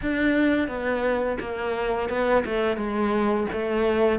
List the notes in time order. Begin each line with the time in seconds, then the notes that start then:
0.02 D4
0.68 B3
1.40 A#3
2.09 B3
2.45 A3
2.77 G#3
3.52 A3